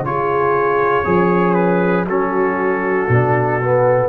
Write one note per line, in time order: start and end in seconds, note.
0.00 1.02 C#3
0.00 1.05 F4
0.00 1.54 C#5
0.09 1.06 G#4
1.05 2.06 F3
1.05 2.08 C#4
1.05 2.06 G#4
1.54 2.05 B4
2.06 3.07 F#3
2.06 3.10 C#4
2.06 4.10 F#4
2.06 4.10 A4
3.09 4.10 B2
3.09 3.62 D4
3.62 4.10 B3